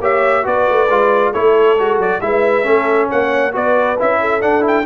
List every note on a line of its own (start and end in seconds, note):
0.00 0.44 A#3
0.00 0.43 G4
0.00 0.44 C#5
0.00 0.46 E5
0.43 0.68 B3
0.43 0.87 F#4
0.43 1.32 B4
0.43 1.33 D5
0.68 0.89 A3
0.89 1.33 G#3
0.89 1.33 F4
1.32 1.78 A3
1.32 1.78 E4
1.32 2.20 A4
1.32 1.99 C#5
1.78 1.97 G#3
1.78 2.21 F#4
1.97 2.19 F#3
1.97 2.20 D5
2.20 2.65 G#3
2.20 2.63 E4
2.20 2.67 B4
2.20 3.09 E5
2.63 3.09 A3
2.63 3.51 C#4
2.63 3.08 A4
3.08 3.55 A#3
3.08 3.52 C#5
3.08 3.54 F#5
3.52 3.99 B3
3.52 3.96 F#4
3.52 4.19 B4
3.52 3.99 D5
3.99 4.42 C#4
3.99 4.41 E4
3.99 4.41 E5
4.21 4.86 A4
4.41 4.60 D4
4.41 4.86 D4
4.41 4.63 F#5
4.60 4.82 E4
4.67 4.86 G5